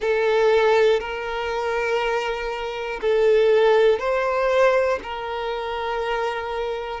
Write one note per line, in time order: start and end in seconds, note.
0.00 1.00 A4
1.00 3.00 A#4
3.01 3.99 A4
3.99 4.99 C5
5.02 7.00 A#4